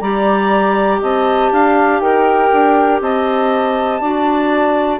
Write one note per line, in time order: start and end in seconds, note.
0.00 1.00 G3
0.00 4.01 G4
0.00 1.01 D5
0.00 1.00 A#5
1.01 1.51 C4
1.01 1.51 D#5
1.01 2.00 A5
1.51 2.01 D4
1.51 2.01 F5
2.00 2.51 D#4
2.00 3.01 A#4
2.00 3.00 G5
2.52 3.00 D4
3.00 4.00 C4
3.00 4.01 D#5
3.00 4.99 A5
4.00 4.99 D4
4.00 4.99 F#4
4.00 4.99 D5